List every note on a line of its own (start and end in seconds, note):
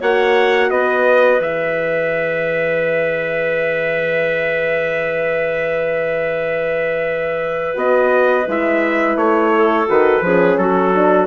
0.00 0.71 A#3
0.00 1.42 F#4
0.00 0.71 C#5
0.00 0.71 F#5
0.71 1.40 B3
0.71 9.53 B4
0.71 1.41 D#5
1.40 7.75 E3
1.40 7.74 G#4
1.40 7.77 E5
7.74 8.46 B3
7.74 8.45 F#4
7.74 8.49 D#5
8.48 9.17 G#3
8.48 9.87 E4
8.48 9.17 E5
9.17 9.87 A3
9.17 9.88 C#5
9.54 10.25 A4
9.87 10.21 D#3
9.87 10.23 F#4
9.87 10.58 B4
10.21 10.57 F3
10.21 10.95 C#4
10.21 10.60 G#4
10.57 11.27 F#3
10.57 11.27 F#4
10.57 11.27 A4
10.95 11.27 D4